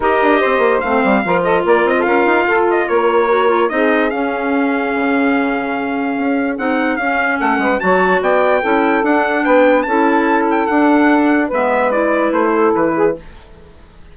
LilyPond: <<
  \new Staff \with { instrumentName = "trumpet" } { \time 4/4 \tempo 4 = 146 dis''2 f''4. dis''8 | d''8 dis''8 f''4. dis''8 cis''4~ | cis''4 dis''4 f''2~ | f''1 |
fis''4 f''4 fis''4 a''4 | g''2 fis''4 g''4 | a''4. g''8 fis''2 | e''4 d''4 c''4 b'4 | }
  \new Staff \with { instrumentName = "saxophone" } { \time 4/4 ais'4 c''2 ais'8 a'8 | ais'8. a'16 ais'4 a'4 ais'4~ | ais'4 gis'2.~ | gis'1~ |
gis'2 a'8 b'8 cis''4 | d''4 a'2 b'4 | a'1 | b'2~ b'8 a'4 gis'8 | }
  \new Staff \with { instrumentName = "clarinet" } { \time 4/4 g'2 c'4 f'4~ | f'1 | fis'8 f'8 dis'4 cis'2~ | cis'1 |
dis'4 cis'2 fis'4~ | fis'4 e'4 d'2 | e'2 d'2 | b4 e'2. | }
  \new Staff \with { instrumentName = "bassoon" } { \time 4/4 dis'8 d'8 c'8 ais8 a8 g8 f4 | ais8 c'8 cis'8 dis'8 f'4 ais4~ | ais4 c'4 cis'2 | cis2. cis'4 |
c'4 cis'4 a8 gis8 fis4 | b4 cis'4 d'4 b4 | cis'2 d'2 | gis2 a4 e4 | }
>>